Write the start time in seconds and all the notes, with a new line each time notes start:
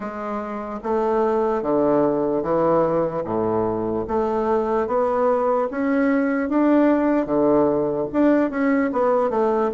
0.00 G#3
0.83 A3
1.62 D3
2.42 E3
3.24 A2
4.07 A3
4.86 B3
5.71 C#4
6.49 D4
7.26 D3
8.12 D4
8.50 C#4
8.92 B3
9.30 A3